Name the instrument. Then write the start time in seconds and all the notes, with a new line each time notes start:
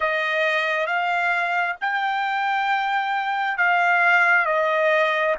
trumpet
0.00 D#5
0.86 F5
1.80 G5
3.57 F5
4.45 D#5